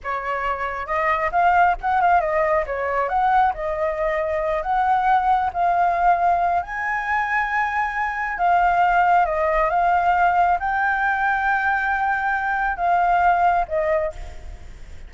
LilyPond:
\new Staff \with { instrumentName = "flute" } { \time 4/4 \tempo 4 = 136 cis''2 dis''4 f''4 | fis''8 f''8 dis''4 cis''4 fis''4 | dis''2~ dis''8 fis''4.~ | fis''8 f''2~ f''8 gis''4~ |
gis''2. f''4~ | f''4 dis''4 f''2 | g''1~ | g''4 f''2 dis''4 | }